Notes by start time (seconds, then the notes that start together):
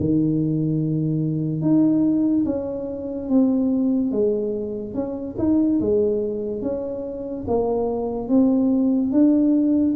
0.00 D#3
1.61 D#4
2.46 C#4
3.29 C4
4.12 G#3
4.95 C#4
5.38 D#4
5.80 G#3
6.62 C#4
7.47 A#3
8.29 C4
9.12 D4